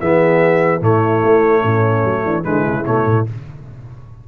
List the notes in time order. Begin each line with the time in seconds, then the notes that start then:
0.00 E3 B3 G#4 E5
0.81 A2 A3 E4 C#5
1.25 A3
1.62 A2 C#4
2.04 F#3
2.25 E3 D4
2.44 D3 G#3 E4 B4
2.68 C#3
2.85 B2 A3 C#5
3.06 A2